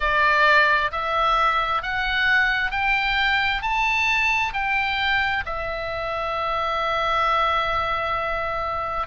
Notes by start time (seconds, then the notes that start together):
0.00 D5
0.91 E5
1.82 F#5
2.71 G5
3.62 A5
4.52 G5
5.45 E5